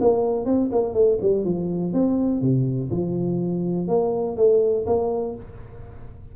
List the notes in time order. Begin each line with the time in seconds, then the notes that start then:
0.00 A#3
0.45 C4
0.71 A#3
0.93 A3
1.21 G3
1.44 F3
1.93 C4
2.41 C3
2.90 F3
3.88 A#3
4.36 A3
4.86 A#3